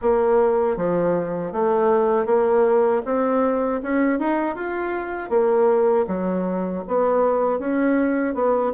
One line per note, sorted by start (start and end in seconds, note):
0.01 0.76 A#3
0.76 1.52 F3
1.52 2.26 A3
2.26 3.02 A#3
3.05 3.81 C4
3.83 4.19 C#4
4.19 4.55 D#4
4.55 5.29 F4
5.29 6.05 A#3
6.07 6.83 F#3
6.87 7.59 B3
7.59 8.34 C#4
8.34 8.72 B3